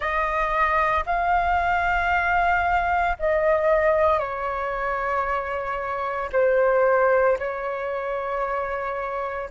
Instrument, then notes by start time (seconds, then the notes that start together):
flute
0.00 D#5
1.05 F5
3.19 D#5
4.19 C#5
6.32 C5
7.39 C#5